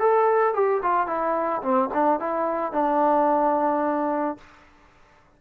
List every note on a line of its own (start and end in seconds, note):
0.00 0.54 A4
0.54 0.82 G4
0.83 1.07 F4
1.07 1.62 E4
1.63 1.90 C4
1.94 2.20 D4
2.20 2.73 E4
2.73 4.38 D4